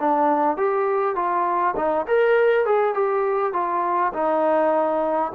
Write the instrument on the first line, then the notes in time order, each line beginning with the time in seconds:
trombone
0.00 D4
0.57 G4
1.15 F4
1.77 D#4
2.07 A#4
2.66 G#4
2.94 G4
3.53 F4
4.14 D#4